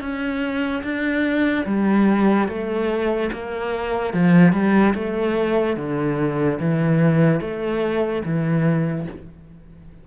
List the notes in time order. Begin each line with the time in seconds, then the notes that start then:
0.00 C#4
0.83 D4
1.66 G3
2.48 A3
3.32 A#3
4.13 F3
4.52 G3
4.94 A3
5.76 D3
6.60 E3
7.40 A3
8.25 E3